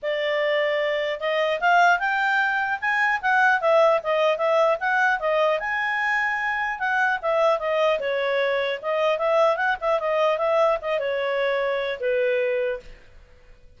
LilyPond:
\new Staff \with { instrumentName = "clarinet" } { \time 4/4 \tempo 4 = 150 d''2. dis''4 | f''4 g''2 gis''4 | fis''4 e''4 dis''4 e''4 | fis''4 dis''4 gis''2~ |
gis''4 fis''4 e''4 dis''4 | cis''2 dis''4 e''4 | fis''8 e''8 dis''4 e''4 dis''8 cis''8~ | cis''2 b'2 | }